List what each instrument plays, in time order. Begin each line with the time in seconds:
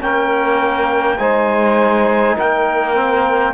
0.00 cello A#3, trombone C#4, saxophone A#4, trumpet G5
1.18 cello G#3, trombone D#4, saxophone C5, trumpet G#5
2.35 cello A#3, saxophone A#4, trumpet G5
2.95 trombone C4